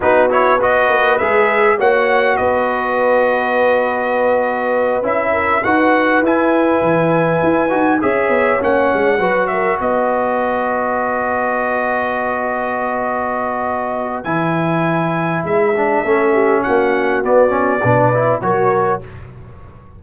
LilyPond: <<
  \new Staff \with { instrumentName = "trumpet" } { \time 4/4 \tempo 4 = 101 b'8 cis''8 dis''4 e''4 fis''4 | dis''1~ | dis''8 e''4 fis''4 gis''4.~ | gis''4. e''4 fis''4. |
e''8 dis''2.~ dis''8~ | dis''1 | gis''2 e''2 | fis''4 d''2 cis''4 | }
  \new Staff \with { instrumentName = "horn" } { \time 4/4 fis'4 b'2 cis''4 | b'1~ | b'4 ais'8 b'2~ b'8~ | b'4. cis''2 b'8 |
ais'8 b'2.~ b'8~ | b'1~ | b'2. a'8 g'8 | fis'2 b'4 ais'4 | }
  \new Staff \with { instrumentName = "trombone" } { \time 4/4 dis'8 e'8 fis'4 gis'4 fis'4~ | fis'1~ | fis'8 e'4 fis'4 e'4.~ | e'4 fis'8 gis'4 cis'4 fis'8~ |
fis'1~ | fis'1 | e'2~ e'8 d'8 cis'4~ | cis'4 b8 cis'8 d'8 e'8 fis'4 | }
  \new Staff \with { instrumentName = "tuba" } { \time 4/4 b4. ais8 gis4 ais4 | b1~ | b8 cis'4 dis'4 e'4 e8~ | e8 e'8 dis'8 cis'8 b8 ais8 gis8 fis8~ |
fis8 b2.~ b8~ | b1 | e2 gis4 a4 | ais4 b4 b,4 fis4 | }
>>